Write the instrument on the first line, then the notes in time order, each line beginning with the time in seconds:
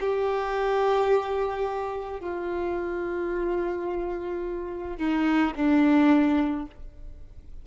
violin
0.00 G4
2.20 F4
4.97 D#4
5.55 D4